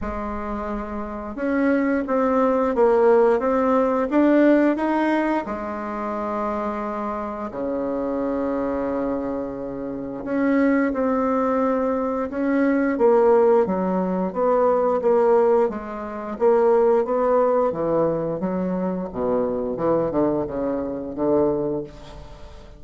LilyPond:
\new Staff \with { instrumentName = "bassoon" } { \time 4/4 \tempo 4 = 88 gis2 cis'4 c'4 | ais4 c'4 d'4 dis'4 | gis2. cis4~ | cis2. cis'4 |
c'2 cis'4 ais4 | fis4 b4 ais4 gis4 | ais4 b4 e4 fis4 | b,4 e8 d8 cis4 d4 | }